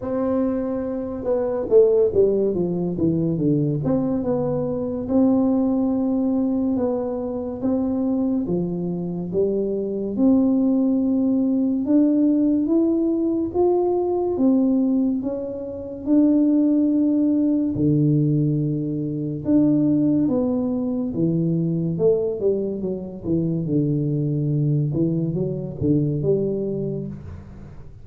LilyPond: \new Staff \with { instrumentName = "tuba" } { \time 4/4 \tempo 4 = 71 c'4. b8 a8 g8 f8 e8 | d8 c'8 b4 c'2 | b4 c'4 f4 g4 | c'2 d'4 e'4 |
f'4 c'4 cis'4 d'4~ | d'4 d2 d'4 | b4 e4 a8 g8 fis8 e8 | d4. e8 fis8 d8 g4 | }